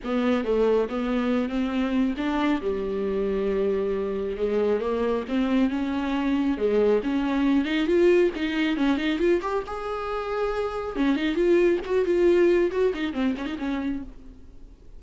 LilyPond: \new Staff \with { instrumentName = "viola" } { \time 4/4 \tempo 4 = 137 b4 a4 b4. c'8~ | c'4 d'4 g2~ | g2 gis4 ais4 | c'4 cis'2 gis4 |
cis'4. dis'8 f'4 dis'4 | cis'8 dis'8 f'8 g'8 gis'2~ | gis'4 cis'8 dis'8 f'4 fis'8 f'8~ | f'4 fis'8 dis'8 c'8 cis'16 dis'16 cis'4 | }